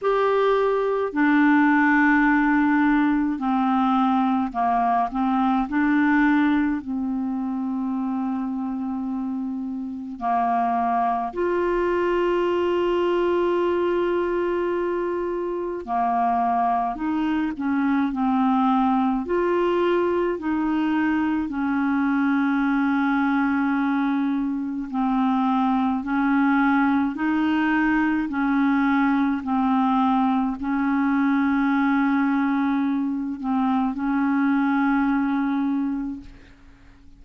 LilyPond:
\new Staff \with { instrumentName = "clarinet" } { \time 4/4 \tempo 4 = 53 g'4 d'2 c'4 | ais8 c'8 d'4 c'2~ | c'4 ais4 f'2~ | f'2 ais4 dis'8 cis'8 |
c'4 f'4 dis'4 cis'4~ | cis'2 c'4 cis'4 | dis'4 cis'4 c'4 cis'4~ | cis'4. c'8 cis'2 | }